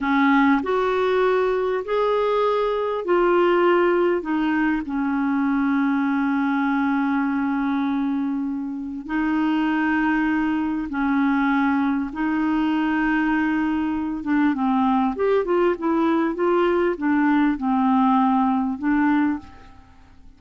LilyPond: \new Staff \with { instrumentName = "clarinet" } { \time 4/4 \tempo 4 = 99 cis'4 fis'2 gis'4~ | gis'4 f'2 dis'4 | cis'1~ | cis'2. dis'4~ |
dis'2 cis'2 | dis'2.~ dis'8 d'8 | c'4 g'8 f'8 e'4 f'4 | d'4 c'2 d'4 | }